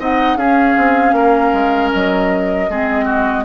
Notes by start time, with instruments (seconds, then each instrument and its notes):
0.00 bassoon C4, clarinet D#4, oboe D#5, flute F#5
0.36 bassoon C#4, clarinet C#4, oboe G#4, flute F5
0.78 bassoon C4
1.13 bassoon A#3, oboe A#4
1.53 bassoon G#3
1.93 bassoon F#3, flute D#5
2.70 bassoon G#3, clarinet C4, oboe G#4
3.05 oboe F#4